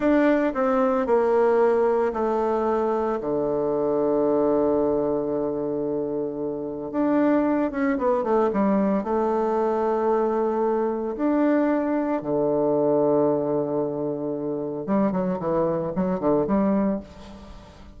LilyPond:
\new Staff \with { instrumentName = "bassoon" } { \time 4/4 \tempo 4 = 113 d'4 c'4 ais2 | a2 d2~ | d1~ | d4 d'4. cis'8 b8 a8 |
g4 a2.~ | a4 d'2 d4~ | d1 | g8 fis8 e4 fis8 d8 g4 | }